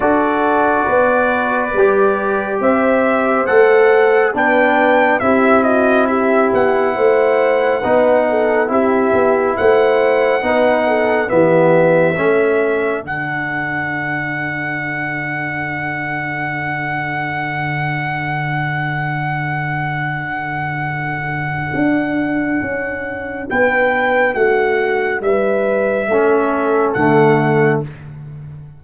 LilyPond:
<<
  \new Staff \with { instrumentName = "trumpet" } { \time 4/4 \tempo 4 = 69 d''2. e''4 | fis''4 g''4 e''8 dis''8 e''8 fis''8~ | fis''2 e''4 fis''4~ | fis''4 e''2 fis''4~ |
fis''1~ | fis''1~ | fis''2. g''4 | fis''4 e''2 fis''4 | }
  \new Staff \with { instrumentName = "horn" } { \time 4/4 a'4 b'2 c''4~ | c''4 b'4 g'8 fis'8 g'4 | c''4 b'8 a'8 g'4 c''4 | b'8 a'8 g'4 a'2~ |
a'1~ | a'1~ | a'2. b'4 | fis'4 b'4 a'2 | }
  \new Staff \with { instrumentName = "trombone" } { \time 4/4 fis'2 g'2 | a'4 d'4 e'2~ | e'4 dis'4 e'2 | dis'4 b4 cis'4 d'4~ |
d'1~ | d'1~ | d'1~ | d'2 cis'4 a4 | }
  \new Staff \with { instrumentName = "tuba" } { \time 4/4 d'4 b4 g4 c'4 | a4 b4 c'4. b8 | a4 b4 c'8 b8 a4 | b4 e4 a4 d4~ |
d1~ | d1~ | d4 d'4 cis'4 b4 | a4 g4 a4 d4 | }
>>